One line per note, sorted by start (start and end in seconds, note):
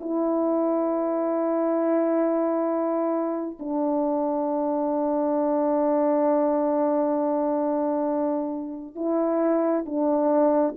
0.00 3.58 E4
3.60 8.96 D4
8.96 9.85 E4
9.86 10.75 D4